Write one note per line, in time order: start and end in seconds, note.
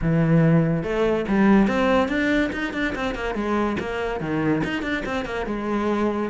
0.01 0.83 E3
0.83 1.25 A3
1.28 1.67 G3
1.67 2.08 C4
2.08 2.50 D4
2.52 2.73 D#4
2.73 2.94 D4
2.95 3.14 C4
3.14 3.35 A#3
3.35 3.76 G#3
3.79 4.20 A#3
4.20 4.62 D#3
4.64 4.82 D#4
4.82 5.03 D4
5.05 5.25 C4
5.25 5.45 A#3
5.45 6.29 G#3